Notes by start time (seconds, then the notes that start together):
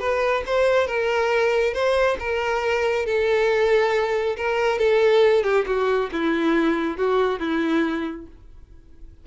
0.00 B4
0.46 C5
0.87 A#4
1.74 C5
2.20 A#4
3.06 A4
4.37 A#4
4.79 A4
5.44 G4
5.66 F#4
6.13 E4
6.97 F#4
7.40 E4